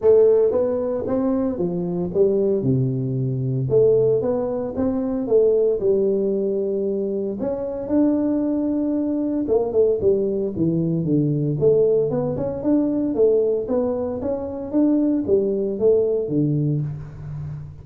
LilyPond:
\new Staff \with { instrumentName = "tuba" } { \time 4/4 \tempo 4 = 114 a4 b4 c'4 f4 | g4 c2 a4 | b4 c'4 a4 g4~ | g2 cis'4 d'4~ |
d'2 ais8 a8 g4 | e4 d4 a4 b8 cis'8 | d'4 a4 b4 cis'4 | d'4 g4 a4 d4 | }